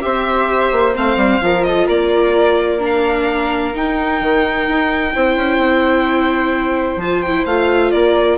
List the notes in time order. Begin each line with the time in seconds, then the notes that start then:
0.00 C4 G4 C5 E5
0.72 A#3
0.94 A3 C4 F5
1.16 G3
1.41 F3 F4 A#4
1.64 A4 D#5
1.86 A#3 A#4 D5
2.79 D4
2.85 F5
3.74 D#4 G5
4.20 D#3
4.68 D#4
5.14 C4 E4 C5
5.36 C#4
5.57 C4
6.96 F3 A5
7.02 F4
7.22 E4 G5
7.46 A3 F4 F5
7.91 A#3 A#4 D5